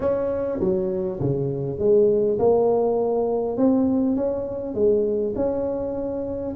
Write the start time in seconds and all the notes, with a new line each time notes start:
0.00 C#4
0.59 F#3
1.20 C#3
1.78 G#3
2.38 A#3
3.57 C4
4.16 C#4
4.74 G#3
5.35 C#4